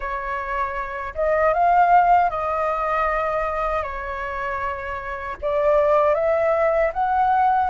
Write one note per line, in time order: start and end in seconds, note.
0.00 1.14 C#5
1.15 1.53 D#5
1.53 2.30 F5
2.30 3.83 D#5
3.83 5.36 C#5
5.41 6.14 D5
6.14 6.91 E5
6.93 7.70 F#5